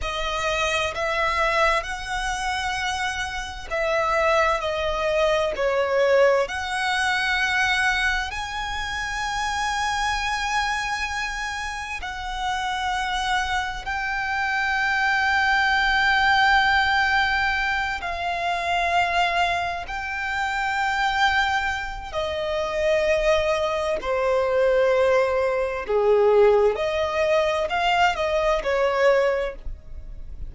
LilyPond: \new Staff \with { instrumentName = "violin" } { \time 4/4 \tempo 4 = 65 dis''4 e''4 fis''2 | e''4 dis''4 cis''4 fis''4~ | fis''4 gis''2.~ | gis''4 fis''2 g''4~ |
g''2.~ g''8 f''8~ | f''4. g''2~ g''8 | dis''2 c''2 | gis'4 dis''4 f''8 dis''8 cis''4 | }